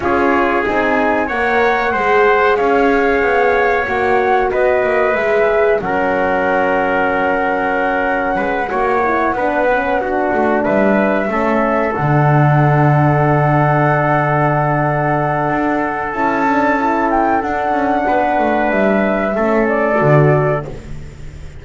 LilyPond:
<<
  \new Staff \with { instrumentName = "flute" } { \time 4/4 \tempo 4 = 93 cis''4 gis''4 fis''2 | f''2 fis''4 dis''4 | e''4 fis''2.~ | fis''1~ |
fis''8 e''2 fis''4.~ | fis''1~ | fis''4 a''4. g''8 fis''4~ | fis''4 e''4. d''4. | }
  \new Staff \with { instrumentName = "trumpet" } { \time 4/4 gis'2 cis''4 c''4 | cis''2. b'4~ | b'4 ais'2.~ | ais'4 b'8 cis''4 b'4 fis'8~ |
fis'8 b'4 a'2~ a'8~ | a'1~ | a'1 | b'2 a'2 | }
  \new Staff \with { instrumentName = "horn" } { \time 4/4 f'4 dis'4 ais'4 gis'4~ | gis'2 fis'2 | gis'4 cis'2.~ | cis'4. fis'8 e'8 d'8 cis'8 d'8~ |
d'4. cis'4 d'4.~ | d'1~ | d'4 e'8 d'8 e'4 d'4~ | d'2 cis'4 fis'4 | }
  \new Staff \with { instrumentName = "double bass" } { \time 4/4 cis'4 c'4 ais4 gis4 | cis'4 b4 ais4 b8 ais8 | gis4 fis2.~ | fis4 gis8 ais4 b4. |
a8 g4 a4 d4.~ | d1 | d'4 cis'2 d'8 cis'8 | b8 a8 g4 a4 d4 | }
>>